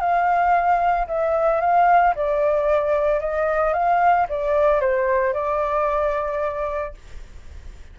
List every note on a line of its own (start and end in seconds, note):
0.00 1.07 F5
1.08 1.60 E5
1.60 2.14 F5
2.15 3.20 D5
3.20 3.74 D#5
3.74 4.27 F5
4.29 4.81 D5
4.81 5.34 C5
5.34 6.94 D5